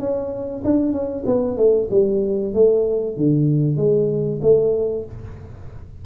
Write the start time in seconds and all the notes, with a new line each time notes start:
0.00 C#4
0.65 D4
0.93 C#4
1.26 B3
1.58 A3
1.91 G3
2.54 A3
3.17 D3
3.77 G#3
4.42 A3